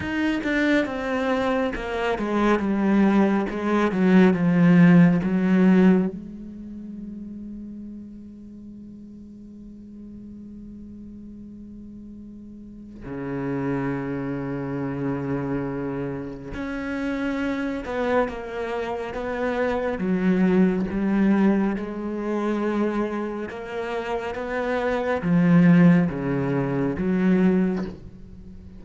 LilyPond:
\new Staff \with { instrumentName = "cello" } { \time 4/4 \tempo 4 = 69 dis'8 d'8 c'4 ais8 gis8 g4 | gis8 fis8 f4 fis4 gis4~ | gis1~ | gis2. cis4~ |
cis2. cis'4~ | cis'8 b8 ais4 b4 fis4 | g4 gis2 ais4 | b4 f4 cis4 fis4 | }